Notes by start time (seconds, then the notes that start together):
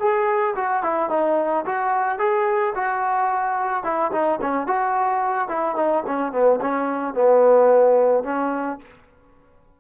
0.00 G#4
0.56 F#4
0.83 E4
1.10 D#4
1.66 F#4
2.19 G#4
2.75 F#4
3.84 E4
4.12 D#4
4.42 C#4
4.67 F#4
5.49 E4
5.76 D#4
6.07 C#4
6.33 B3
6.61 C#4
7.14 B3
8.24 C#4